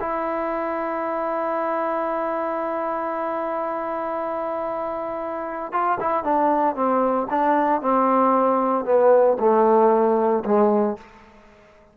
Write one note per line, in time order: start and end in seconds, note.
0.00 5.72 E4
5.72 5.98 F4
6.00 6.24 E4
6.24 6.75 D4
6.75 7.28 C4
7.30 7.82 D4
7.82 8.85 C4
8.85 9.37 B3
9.39 10.44 A3
10.45 10.97 G#3